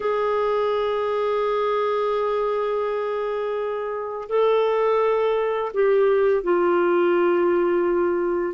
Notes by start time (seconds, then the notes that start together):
0.00 G#4
4.29 A4
5.73 G4
6.43 F4